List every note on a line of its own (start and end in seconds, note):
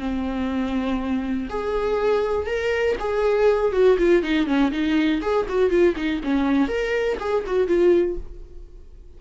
0.00 1.49 C4
1.50 2.47 G#4
2.47 2.96 A#4
3.00 3.73 G#4
3.73 3.98 F#4
3.99 4.23 F4
4.23 4.47 D#4
4.47 4.71 C#4
4.72 5.22 D#4
5.22 5.47 G#4
5.49 5.71 F#4
5.71 5.95 F4
5.96 6.21 D#4
6.24 6.68 C#4
6.68 7.18 A#4
7.20 7.45 G#4
7.47 7.68 F#4
7.68 8.18 F4